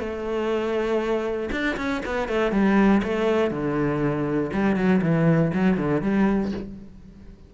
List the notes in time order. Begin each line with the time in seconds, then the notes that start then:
0.00 A3
1.52 D4
1.77 C#4
2.06 B3
2.29 A3
2.52 G3
3.04 A3
3.51 D3
4.53 G3
4.76 F#3
5.02 E3
5.55 F#3
5.78 D3
6.02 G3